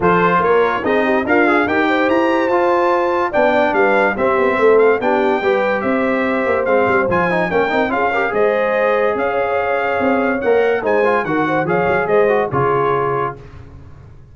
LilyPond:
<<
  \new Staff \with { instrumentName = "trumpet" } { \time 4/4 \tempo 4 = 144 c''4 cis''4 dis''4 f''4 | g''4 ais''4 a''2 | g''4 f''4 e''4. f''8 | g''2 e''2 |
f''4 gis''4 g''4 f''4 | dis''2 f''2~ | f''4 fis''4 gis''4 fis''4 | f''4 dis''4 cis''2 | }
  \new Staff \with { instrumentName = "horn" } { \time 4/4 a'4 ais'4 gis'8 g'8 f'4 | ais'8 c''2.~ c''8 | d''4 b'4 g'4 a'4 | g'4 b'4 c''2~ |
c''2 ais'4 gis'8 ais'8 | c''2 cis''2~ | cis''2 c''4 ais'8 c''8 | cis''4 c''4 gis'2 | }
  \new Staff \with { instrumentName = "trombone" } { \time 4/4 f'2 dis'4 ais'8 gis'8 | g'2 f'2 | d'2 c'2 | d'4 g'2. |
c'4 f'8 dis'8 cis'8 dis'8 f'8 g'8 | gis'1~ | gis'4 ais'4 dis'8 f'8 fis'4 | gis'4. fis'8 f'2 | }
  \new Staff \with { instrumentName = "tuba" } { \time 4/4 f4 ais4 c'4 d'4 | dis'4 e'4 f'2 | b4 g4 c'8 b8 a4 | b4 g4 c'4. ais8 |
gis8 g8 f4 ais8 c'8 cis'4 | gis2 cis'2 | c'4 ais4 gis4 dis4 | f8 fis8 gis4 cis2 | }
>>